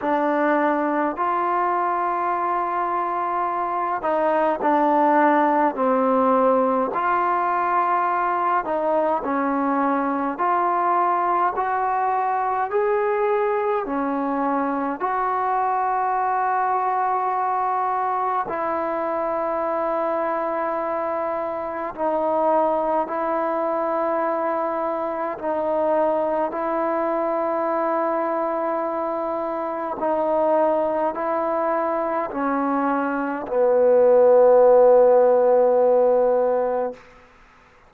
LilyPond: \new Staff \with { instrumentName = "trombone" } { \time 4/4 \tempo 4 = 52 d'4 f'2~ f'8 dis'8 | d'4 c'4 f'4. dis'8 | cis'4 f'4 fis'4 gis'4 | cis'4 fis'2. |
e'2. dis'4 | e'2 dis'4 e'4~ | e'2 dis'4 e'4 | cis'4 b2. | }